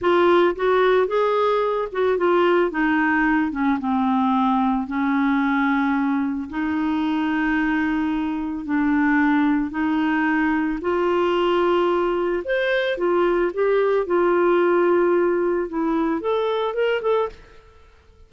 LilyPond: \new Staff \with { instrumentName = "clarinet" } { \time 4/4 \tempo 4 = 111 f'4 fis'4 gis'4. fis'8 | f'4 dis'4. cis'8 c'4~ | c'4 cis'2. | dis'1 |
d'2 dis'2 | f'2. c''4 | f'4 g'4 f'2~ | f'4 e'4 a'4 ais'8 a'8 | }